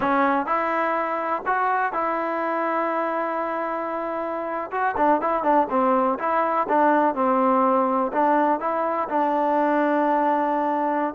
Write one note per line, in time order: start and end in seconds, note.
0.00 0.46 C#4
0.46 1.43 E4
1.46 1.92 F#4
1.92 4.70 E4
4.71 4.95 F#4
4.96 5.21 D4
5.21 5.43 E4
5.43 5.67 D4
5.70 6.18 C4
6.18 6.67 E4
6.68 7.14 D4
7.14 8.11 C4
8.12 8.60 D4
8.60 9.08 E4
9.09 11.14 D4